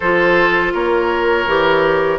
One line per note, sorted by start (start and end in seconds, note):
0.00 0.74 F3
0.00 1.48 F4
0.00 0.73 A4
0.00 0.72 C5
0.73 1.46 A#3
0.73 2.18 A#4
0.73 2.18 C#5
1.46 2.18 E3
1.46 2.18 G4